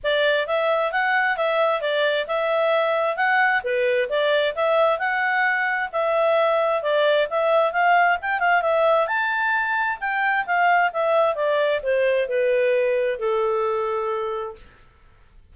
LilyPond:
\new Staff \with { instrumentName = "clarinet" } { \time 4/4 \tempo 4 = 132 d''4 e''4 fis''4 e''4 | d''4 e''2 fis''4 | b'4 d''4 e''4 fis''4~ | fis''4 e''2 d''4 |
e''4 f''4 g''8 f''8 e''4 | a''2 g''4 f''4 | e''4 d''4 c''4 b'4~ | b'4 a'2. | }